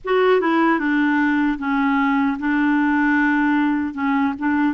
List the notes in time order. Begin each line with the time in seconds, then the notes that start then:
0.04 F#4
0.40 E4
0.79 D4
1.58 C#4
2.39 D4
3.94 C#4
4.38 D4